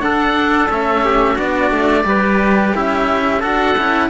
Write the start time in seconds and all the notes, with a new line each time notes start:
0.00 D4 A4 F#5
0.70 A3 C#4 E5
1.05 G4
1.34 B3 D4 F#4
1.40 D5
1.71 A3
2.04 G3 G4 B4
2.76 C#4 E4 E5
3.40 D4 F#4 A4 F#5
3.78 C#4 E4